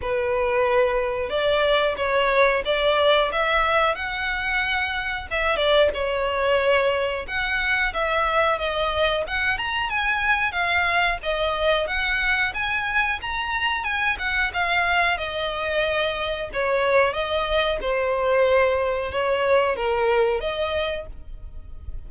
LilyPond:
\new Staff \with { instrumentName = "violin" } { \time 4/4 \tempo 4 = 91 b'2 d''4 cis''4 | d''4 e''4 fis''2 | e''8 d''8 cis''2 fis''4 | e''4 dis''4 fis''8 ais''8 gis''4 |
f''4 dis''4 fis''4 gis''4 | ais''4 gis''8 fis''8 f''4 dis''4~ | dis''4 cis''4 dis''4 c''4~ | c''4 cis''4 ais'4 dis''4 | }